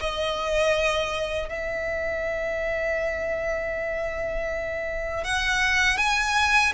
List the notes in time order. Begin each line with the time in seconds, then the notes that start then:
0.00 D#5
1.49 E5
5.24 F#5
5.97 G#5